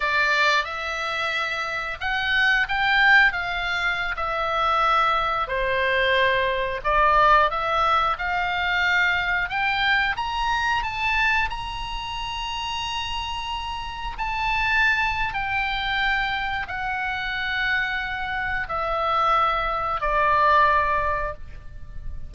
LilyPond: \new Staff \with { instrumentName = "oboe" } { \time 4/4 \tempo 4 = 90 d''4 e''2 fis''4 | g''4 f''4~ f''16 e''4.~ e''16~ | e''16 c''2 d''4 e''8.~ | e''16 f''2 g''4 ais''8.~ |
ais''16 a''4 ais''2~ ais''8.~ | ais''4~ ais''16 a''4.~ a''16 g''4~ | g''4 fis''2. | e''2 d''2 | }